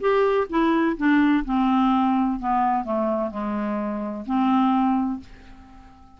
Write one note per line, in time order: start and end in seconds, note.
0.00 0.47 G4
0.49 0.96 E4
0.97 1.44 D4
1.45 2.39 C4
2.39 2.84 B3
2.84 3.30 A3
3.30 4.25 G#3
4.26 5.20 C4